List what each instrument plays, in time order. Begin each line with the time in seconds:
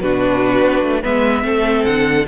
0.00 cello B2, viola D4, violin F#4 B4
0.62 cello B3
0.83 cello A3
1.02 cello G#3, viola B3, violin B4 E5
1.42 cello A3, viola C4, violin A4
1.85 cello D3, violin F#5